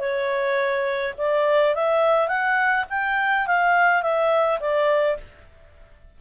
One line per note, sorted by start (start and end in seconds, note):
0.00 1.14 C#5
1.18 1.75 D5
1.75 2.28 E5
2.28 2.85 F#5
2.90 3.47 G5
3.47 4.02 F5
4.02 4.59 E5
4.60 5.17 D5